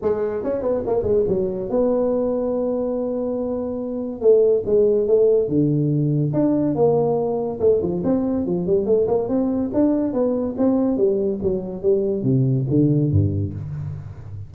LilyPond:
\new Staff \with { instrumentName = "tuba" } { \time 4/4 \tempo 4 = 142 gis4 cis'8 b8 ais8 gis8 fis4 | b1~ | b2 a4 gis4 | a4 d2 d'4 |
ais2 a8 f8 c'4 | f8 g8 a8 ais8 c'4 d'4 | b4 c'4 g4 fis4 | g4 c4 d4 g,4 | }